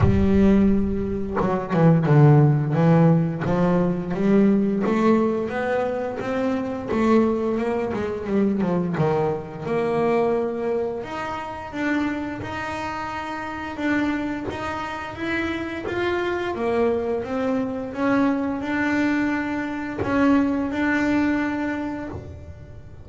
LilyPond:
\new Staff \with { instrumentName = "double bass" } { \time 4/4 \tempo 4 = 87 g2 fis8 e8 d4 | e4 f4 g4 a4 | b4 c'4 a4 ais8 gis8 | g8 f8 dis4 ais2 |
dis'4 d'4 dis'2 | d'4 dis'4 e'4 f'4 | ais4 c'4 cis'4 d'4~ | d'4 cis'4 d'2 | }